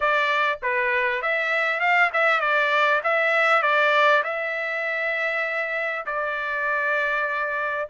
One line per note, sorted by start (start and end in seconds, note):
0.00 0.59 D5
0.62 1.21 B4
1.21 1.80 E5
1.80 2.10 F5
2.13 2.40 E5
2.40 3.01 D5
3.03 3.62 E5
3.62 4.23 D5
4.23 6.05 E5
6.06 7.88 D5